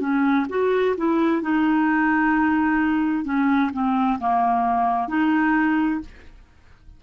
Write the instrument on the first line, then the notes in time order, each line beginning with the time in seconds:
clarinet
0.00 C#4
0.50 F#4
0.97 E4
1.42 D#4
3.25 C#4
3.73 C4
4.20 A#3
5.08 D#4